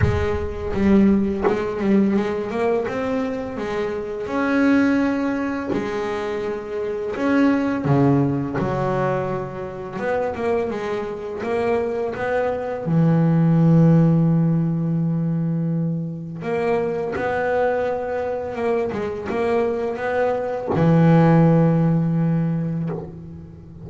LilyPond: \new Staff \with { instrumentName = "double bass" } { \time 4/4 \tempo 4 = 84 gis4 g4 gis8 g8 gis8 ais8 | c'4 gis4 cis'2 | gis2 cis'4 cis4 | fis2 b8 ais8 gis4 |
ais4 b4 e2~ | e2. ais4 | b2 ais8 gis8 ais4 | b4 e2. | }